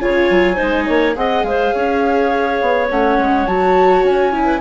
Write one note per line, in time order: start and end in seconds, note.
0.00 0.31 C#3
0.00 0.57 F4
0.00 0.55 C#5
0.00 1.15 G#5
0.31 0.59 F#3
0.55 1.15 D#4
0.55 0.84 C5
0.61 0.89 G#3
0.87 1.16 A#3
0.87 1.16 C#5
1.16 1.44 C4
1.16 2.89 G#4
1.16 1.47 D#5
1.16 1.44 F#5
1.44 1.72 G#3
1.44 1.75 C5
1.44 2.88 F5
1.75 2.62 C#4
1.75 4.45 C#5
2.62 2.91 B3
2.91 3.18 A3
2.91 3.48 C#4
2.91 3.47 F#5
3.18 3.47 G#3
3.47 4.04 F#3
3.47 4.33 F#4
3.47 4.05 A5
4.04 4.61 C#4
4.04 4.61 G#5
4.33 4.61 E4
4.45 4.60 B4